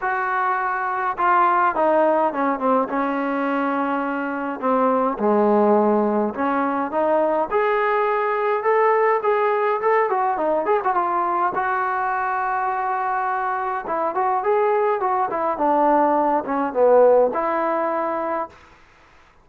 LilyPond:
\new Staff \with { instrumentName = "trombone" } { \time 4/4 \tempo 4 = 104 fis'2 f'4 dis'4 | cis'8 c'8 cis'2. | c'4 gis2 cis'4 | dis'4 gis'2 a'4 |
gis'4 a'8 fis'8 dis'8 gis'16 fis'16 f'4 | fis'1 | e'8 fis'8 gis'4 fis'8 e'8 d'4~ | d'8 cis'8 b4 e'2 | }